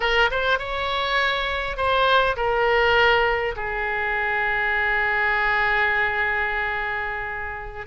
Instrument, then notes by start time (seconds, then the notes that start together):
oboe
0.00 A#4
0.31 C5
0.58 C#5
1.76 C5
2.36 A#4
3.56 G#4